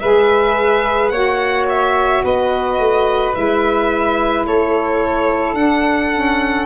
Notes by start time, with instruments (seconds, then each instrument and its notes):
0.00 tuba G#3, saxophone G#4, flute B4, violin E5
1.09 tuba A#3, saxophone F#4, flute C#5, violin F#5
1.69 violin E5
2.24 tuba B3, flute B4, violin D#5
2.79 tuba A3
3.34 tuba G#3, saxophone E4, violin E5
4.45 tuba A3, flute A4, violin C#5
5.53 tuba D4, saxophone D4, violin F#5
6.13 saxophone C#4